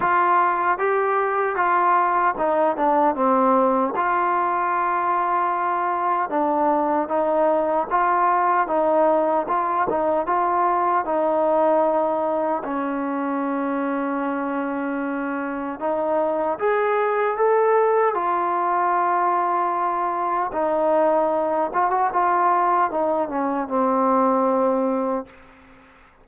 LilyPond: \new Staff \with { instrumentName = "trombone" } { \time 4/4 \tempo 4 = 76 f'4 g'4 f'4 dis'8 d'8 | c'4 f'2. | d'4 dis'4 f'4 dis'4 | f'8 dis'8 f'4 dis'2 |
cis'1 | dis'4 gis'4 a'4 f'4~ | f'2 dis'4. f'16 fis'16 | f'4 dis'8 cis'8 c'2 | }